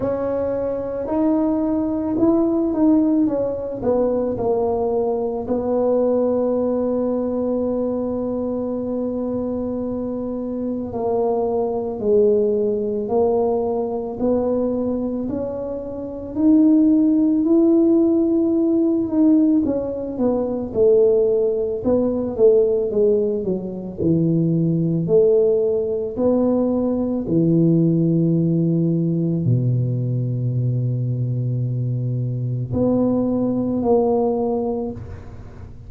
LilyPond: \new Staff \with { instrumentName = "tuba" } { \time 4/4 \tempo 4 = 55 cis'4 dis'4 e'8 dis'8 cis'8 b8 | ais4 b2.~ | b2 ais4 gis4 | ais4 b4 cis'4 dis'4 |
e'4. dis'8 cis'8 b8 a4 | b8 a8 gis8 fis8 e4 a4 | b4 e2 b,4~ | b,2 b4 ais4 | }